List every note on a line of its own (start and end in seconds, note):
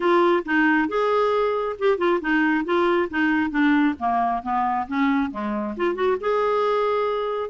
0.00 0.43 F4
0.45 0.88 D#4
0.88 1.76 G#4
1.78 1.97 G4
1.97 2.19 F4
2.21 2.64 D#4
2.64 3.08 F4
3.10 3.50 D#4
3.50 3.94 D4
3.99 4.42 A#3
4.42 4.86 B3
4.87 5.30 C#4
5.30 5.75 G#3
5.76 5.95 F4
5.95 6.16 F#4
6.20 7.50 G#4